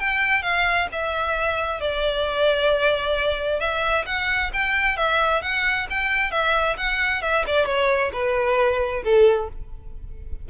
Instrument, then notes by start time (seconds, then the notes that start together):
violin
0.00 G5
0.43 F5
0.92 E5
1.81 D5
3.60 E5
4.06 F#5
4.53 G5
4.97 E5
5.42 F#5
5.90 G5
6.32 E5
6.78 F#5
7.22 E5
7.47 D5
7.66 C#5
8.13 B4
9.04 A4